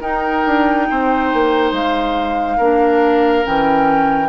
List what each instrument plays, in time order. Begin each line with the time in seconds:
0.00 bassoon D#4, clarinet D#4, oboe A#4, flute G5
0.46 bassoon D4
0.90 bassoon C4, oboe C5
1.33 bassoon A#3
1.72 bassoon G#3, flute F5
2.57 bassoon A#3, clarinet D4, oboe A#4
3.44 bassoon E3, clarinet C#4, flute G5